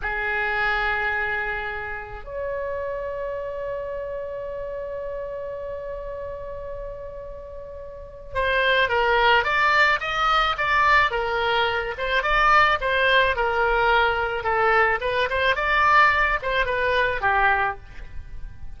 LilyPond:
\new Staff \with { instrumentName = "oboe" } { \time 4/4 \tempo 4 = 108 gis'1 | cis''1~ | cis''1~ | cis''2. c''4 |
ais'4 d''4 dis''4 d''4 | ais'4. c''8 d''4 c''4 | ais'2 a'4 b'8 c''8 | d''4. c''8 b'4 g'4 | }